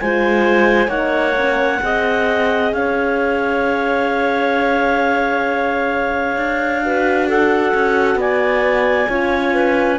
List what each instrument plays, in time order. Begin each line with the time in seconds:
0.00 cello G#3, horn F4, clarinet C5 G#5
0.87 cello A#3, horn D#4, clarinet C#5 F#5
1.37 horn C#4
1.82 cello C4, horn G#4, clarinet D#5
2.73 cello C#4, clarinet C#5 F5
6.36 cello D4
6.82 horn F#4, clarinet B4
7.29 clarinet A4 F#5
7.74 cello C#4
8.15 cello B3, clarinet D5 G#5
9.09 cello C#4, horn F4, clarinet C#5
9.54 clarinet B4